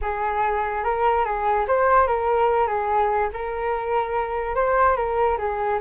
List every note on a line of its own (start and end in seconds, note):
0.01 0.84 G#4
0.84 1.24 A#4
1.24 1.66 G#4
1.67 2.07 C5
2.07 2.67 A#4
2.67 3.29 G#4
3.33 4.55 A#4
4.55 4.96 C5
4.96 5.37 A#4
5.38 5.79 G#4